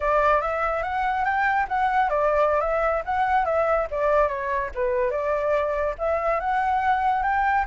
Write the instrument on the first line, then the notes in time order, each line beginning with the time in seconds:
flute
0.00 D5
0.41 E5
0.82 F#5
1.25 G5
1.68 F#5
2.09 D5
2.60 E5
3.05 F#5
3.45 E5
3.91 D5
4.28 C#5
4.75 B4
5.10 D5
5.98 E5
6.39 F#5
7.22 G5